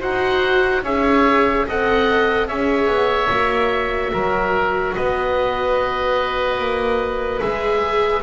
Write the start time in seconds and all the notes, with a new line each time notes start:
0.00 D#4 F#4 C5 F#5
0.84 C#4 G#4 C#5 E5
1.68 C4 A4 D#5 F#5
2.48 C#4 G#4 C#5 E5
2.87 B3
3.30 A#3 F#4
4.13 F#3 A#4
4.95 B3 B4 D#5
6.59 A#3
7.40 G#3 G#4 E5